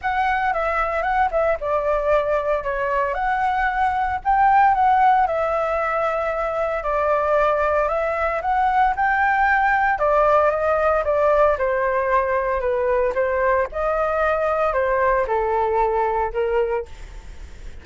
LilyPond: \new Staff \with { instrumentName = "flute" } { \time 4/4 \tempo 4 = 114 fis''4 e''4 fis''8 e''8 d''4~ | d''4 cis''4 fis''2 | g''4 fis''4 e''2~ | e''4 d''2 e''4 |
fis''4 g''2 d''4 | dis''4 d''4 c''2 | b'4 c''4 dis''2 | c''4 a'2 ais'4 | }